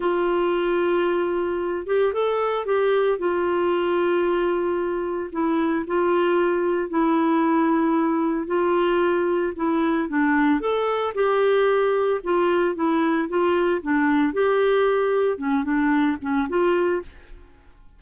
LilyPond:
\new Staff \with { instrumentName = "clarinet" } { \time 4/4 \tempo 4 = 113 f'2.~ f'8 g'8 | a'4 g'4 f'2~ | f'2 e'4 f'4~ | f'4 e'2. |
f'2 e'4 d'4 | a'4 g'2 f'4 | e'4 f'4 d'4 g'4~ | g'4 cis'8 d'4 cis'8 f'4 | }